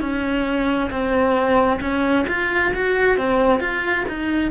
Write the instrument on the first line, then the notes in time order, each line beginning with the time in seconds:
cello
0.00 C#4
0.90 C4
1.80 C#4
2.28 F4
2.74 F#4
3.17 C4
3.60 F4
4.08 D#4